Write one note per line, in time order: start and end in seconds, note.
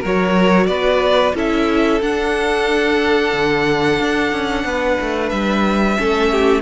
0.00 0.67 F#3
0.00 1.34 F#4
0.00 0.66 A#4
0.00 0.67 C#5
0.67 1.33 B3
0.67 1.35 B4
0.67 1.33 D5
1.34 2.01 C#4
1.34 2.00 E4
1.34 4.65 A4
1.34 2.02 E5
2.02 3.33 D4
2.02 5.97 D4
2.02 5.29 F#5
3.33 3.99 D3
4.00 4.32 D4
4.32 4.64 C#4
4.64 4.97 B3
4.64 5.98 B4
5.01 5.32 A3
5.29 5.98 G3
5.29 6.61 E5
5.97 6.62 A3
5.97 6.62 C#4
5.97 6.31 A4
6.31 6.62 G4